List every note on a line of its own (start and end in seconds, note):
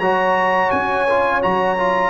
0.00 0.71 F#3
0.00 1.08 F#4
0.00 2.10 C#5
0.00 0.71 A#5
0.71 1.43 C#4
0.71 1.41 G#5
1.10 1.42 F4
1.42 2.10 F#3
1.42 1.77 F#4
1.42 2.10 A#5
1.78 2.10 F4